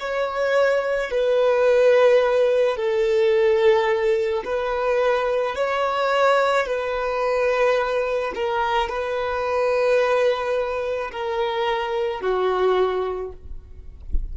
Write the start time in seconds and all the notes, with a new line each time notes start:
0.00 C#5
1.11 B4
2.77 A4
4.45 B4
5.56 C#5
6.67 B4
8.35 A#4
8.89 B4
11.12 A#4
12.22 F#4